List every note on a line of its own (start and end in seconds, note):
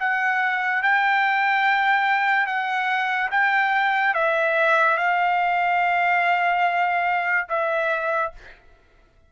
0.00 0.83 F#5
0.83 2.47 G5
2.47 3.30 F#5
3.31 4.15 G5
4.15 4.98 E5
4.98 7.48 F5
7.49 8.33 E5